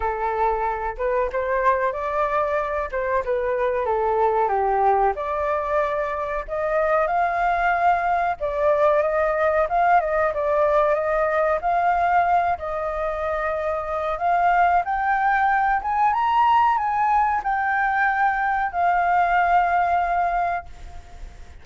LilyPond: \new Staff \with { instrumentName = "flute" } { \time 4/4 \tempo 4 = 93 a'4. b'8 c''4 d''4~ | d''8 c''8 b'4 a'4 g'4 | d''2 dis''4 f''4~ | f''4 d''4 dis''4 f''8 dis''8 |
d''4 dis''4 f''4. dis''8~ | dis''2 f''4 g''4~ | g''8 gis''8 ais''4 gis''4 g''4~ | g''4 f''2. | }